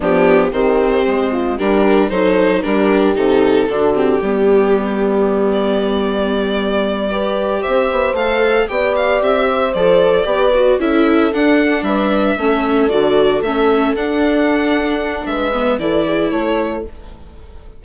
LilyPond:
<<
  \new Staff \with { instrumentName = "violin" } { \time 4/4 \tempo 4 = 114 g'4 c''2 ais'4 | c''4 ais'4 a'4. g'8~ | g'2~ g'8 d''4.~ | d''2~ d''8 e''4 f''8~ |
f''8 g''8 f''8 e''4 d''4.~ | d''8 e''4 fis''4 e''4.~ | e''8 d''4 e''4 fis''4.~ | fis''4 e''4 d''4 cis''4 | }
  \new Staff \with { instrumentName = "horn" } { \time 4/4 d'4 g'4. f'8 g'4 | a'4 g'2 fis'4 | g'1~ | g'4. b'4 c''4.~ |
c''8 d''4. c''4. b'8~ | b'8 a'2 b'4 a'8~ | a'1~ | a'4 b'4 a'8 gis'8 a'4 | }
  \new Staff \with { instrumentName = "viola" } { \time 4/4 b4 c'2 d'4 | dis'4 d'4 dis'4 d'8 c'8 | b1~ | b4. g'2 a'8~ |
a'8 g'2 a'4 g'8 | fis'8 e'4 d'2 cis'8~ | cis'8 fis'4 cis'4 d'4.~ | d'4. b8 e'2 | }
  \new Staff \with { instrumentName = "bassoon" } { \time 4/4 f4 dis4 gis4 g4 | fis4 g4 c4 d4 | g1~ | g2~ g8 c'8 b8 a8~ |
a8 b4 c'4 f4 b8~ | b8 cis'4 d'4 g4 a8~ | a8 d4 a4 d'4.~ | d'4 gis4 e4 a4 | }
>>